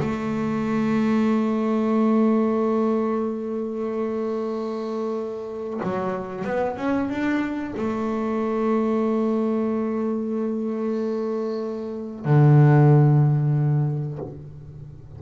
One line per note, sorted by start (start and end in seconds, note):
0.00 5.81 A3
5.83 6.45 F#3
6.45 6.77 B3
6.77 7.10 C#4
7.10 7.74 D4
7.77 12.25 A3
12.25 14.19 D3